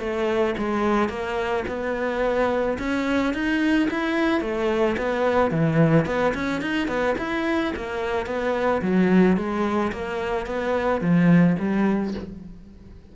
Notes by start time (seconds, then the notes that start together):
0.00 A3
0.58 G#3
1.10 A#3
1.68 B3
2.79 C#4
3.34 D#4
3.91 E4
4.41 A3
4.98 B3
5.51 E3
6.06 B3
6.35 C#4
6.62 D#4
6.88 B3
7.19 E4
7.77 A#3
8.27 B3
8.82 F#3
9.37 G#3
9.93 A#3
10.47 B3
11.02 F3
11.60 G3